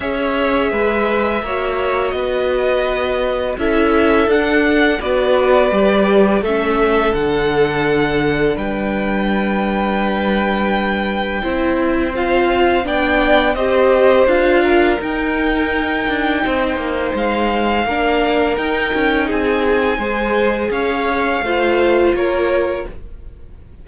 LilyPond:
<<
  \new Staff \with { instrumentName = "violin" } { \time 4/4 \tempo 4 = 84 e''2. dis''4~ | dis''4 e''4 fis''4 d''4~ | d''4 e''4 fis''2 | g''1~ |
g''4 f''4 g''4 dis''4 | f''4 g''2. | f''2 g''4 gis''4~ | gis''4 f''2 cis''4 | }
  \new Staff \with { instrumentName = "violin" } { \time 4/4 cis''4 b'4 cis''4 b'4~ | b'4 a'2 b'4~ | b'4 a'2. | b'1 |
c''2 d''4 c''4~ | c''8 ais'2~ ais'8 c''4~ | c''4 ais'2 gis'4 | c''4 cis''4 c''4 ais'4 | }
  \new Staff \with { instrumentName = "viola" } { \time 4/4 gis'2 fis'2~ | fis'4 e'4 d'4 fis'4 | g'4 cis'4 d'2~ | d'1 |
e'4 f'4 d'4 g'4 | f'4 dis'2.~ | dis'4 d'4 dis'2 | gis'2 f'2 | }
  \new Staff \with { instrumentName = "cello" } { \time 4/4 cis'4 gis4 ais4 b4~ | b4 cis'4 d'4 b4 | g4 a4 d2 | g1 |
c'2 b4 c'4 | d'4 dis'4. d'8 c'8 ais8 | gis4 ais4 dis'8 cis'8 c'4 | gis4 cis'4 a4 ais4 | }
>>